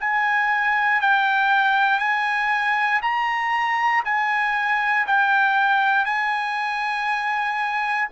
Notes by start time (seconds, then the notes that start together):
0.00 G#5
1.01 G5
1.99 G#5
3.02 A#5
4.04 G#5
5.07 G5
6.05 G#5